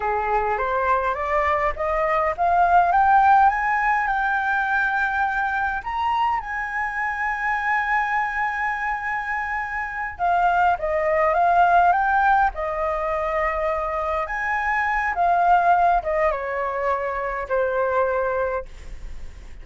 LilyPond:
\new Staff \with { instrumentName = "flute" } { \time 4/4 \tempo 4 = 103 gis'4 c''4 d''4 dis''4 | f''4 g''4 gis''4 g''4~ | g''2 ais''4 gis''4~ | gis''1~ |
gis''4. f''4 dis''4 f''8~ | f''8 g''4 dis''2~ dis''8~ | dis''8 gis''4. f''4. dis''8 | cis''2 c''2 | }